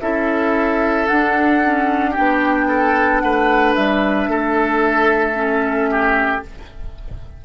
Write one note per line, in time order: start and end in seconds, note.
0.00 1.08 C#4
0.00 1.08 E4
0.00 2.11 A4
0.00 1.07 E5
1.07 1.61 D4
1.07 2.17 D4
1.07 2.14 F#5
1.64 2.15 C#4
2.11 5.34 D4
2.11 2.64 G4
2.11 3.20 G5
2.17 3.23 B3
2.68 3.22 A4
3.20 3.77 A3
3.20 4.29 B4
3.20 3.73 F#5
3.75 4.28 G3
3.75 6.42 E5
4.28 6.42 A3
4.28 5.90 A4
5.34 6.42 C#4
5.91 6.44 G4